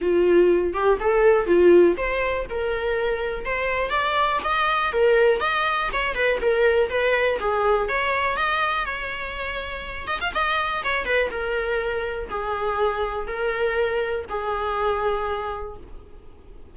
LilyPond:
\new Staff \with { instrumentName = "viola" } { \time 4/4 \tempo 4 = 122 f'4. g'8 a'4 f'4 | c''4 ais'2 c''4 | d''4 dis''4 ais'4 dis''4 | cis''8 b'8 ais'4 b'4 gis'4 |
cis''4 dis''4 cis''2~ | cis''8 dis''16 f''16 dis''4 cis''8 b'8 ais'4~ | ais'4 gis'2 ais'4~ | ais'4 gis'2. | }